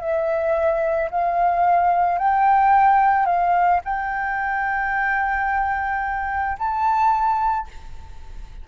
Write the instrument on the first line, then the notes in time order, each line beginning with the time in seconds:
flute
0.00 E5
1.10 F5
2.18 G5
3.25 F5
3.84 G5
6.59 A5